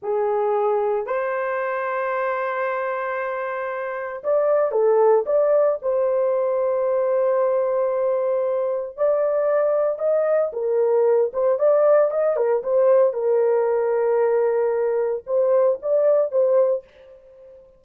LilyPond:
\new Staff \with { instrumentName = "horn" } { \time 4/4 \tempo 4 = 114 gis'2 c''2~ | c''1 | d''4 a'4 d''4 c''4~ | c''1~ |
c''4 d''2 dis''4 | ais'4. c''8 d''4 dis''8 ais'8 | c''4 ais'2.~ | ais'4 c''4 d''4 c''4 | }